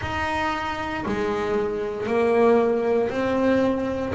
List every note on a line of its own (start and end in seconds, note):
0.01 1.04 D#4
1.05 2.06 G#3
2.06 3.09 A#3
3.09 4.12 C4